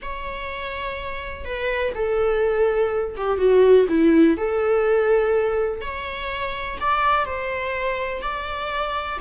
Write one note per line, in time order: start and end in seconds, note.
0.02 1.45 C#5
1.45 1.93 B4
1.94 3.15 A4
3.16 3.38 G4
3.38 3.86 F#4
3.88 4.37 E4
4.37 5.81 A4
5.81 6.77 C#5
6.80 7.25 D5
7.25 8.21 C5
8.21 9.18 D5